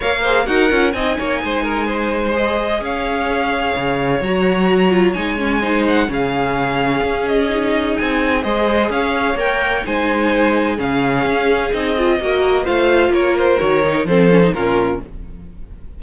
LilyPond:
<<
  \new Staff \with { instrumentName = "violin" } { \time 4/4 \tempo 4 = 128 f''4 fis''4 gis''2~ | gis''4 dis''4 f''2~ | f''4 ais''2 gis''4~ | gis''8 fis''8 f''2~ f''8 dis''8~ |
dis''4 gis''4 dis''4 f''4 | g''4 gis''2 f''4~ | f''4 dis''2 f''4 | cis''8 c''8 cis''4 c''4 ais'4 | }
  \new Staff \with { instrumentName = "violin" } { \time 4/4 cis''8 c''8 ais'4 dis''8 cis''8 c''8 ais'8 | c''2 cis''2~ | cis''1 | c''4 gis'2.~ |
gis'2 c''4 cis''4~ | cis''4 c''2 gis'4~ | gis'2 ais'4 c''4 | ais'2 a'4 f'4 | }
  \new Staff \with { instrumentName = "viola" } { \time 4/4 ais'8 gis'8 fis'8 f'8 dis'2~ | dis'4 gis'2.~ | gis'4 fis'4. f'8 dis'8 cis'8 | dis'4 cis'2. |
dis'2 gis'2 | ais'4 dis'2 cis'4~ | cis'4 dis'8 f'8 fis'4 f'4~ | f'4 fis'8 dis'8 c'8 cis'16 dis'16 cis'4 | }
  \new Staff \with { instrumentName = "cello" } { \time 4/4 ais4 dis'8 cis'8 c'8 ais8 gis4~ | gis2 cis'2 | cis4 fis2 gis4~ | gis4 cis2 cis'4~ |
cis'4 c'4 gis4 cis'4 | ais4 gis2 cis4 | cis'4 c'4 ais4 a4 | ais4 dis4 f4 ais,4 | }
>>